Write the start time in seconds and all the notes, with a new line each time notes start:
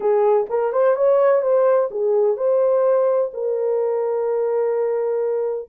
0.00 G#4
0.49 A#4
0.72 C5
0.96 C#5
1.42 C5
1.90 G#4
2.36 C5
3.33 A#4